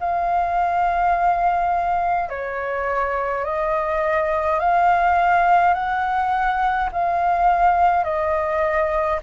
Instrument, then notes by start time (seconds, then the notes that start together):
flute
0.00 F5
2.29 C#5
3.44 D#5
4.59 F5
5.74 F#5
6.92 F5
8.03 D#5